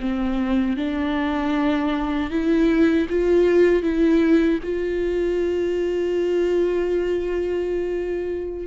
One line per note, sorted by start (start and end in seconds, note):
0.00 0.77 C4
0.77 2.30 D4
2.30 3.07 E4
3.09 3.82 F4
3.82 4.59 E4
4.63 8.66 F4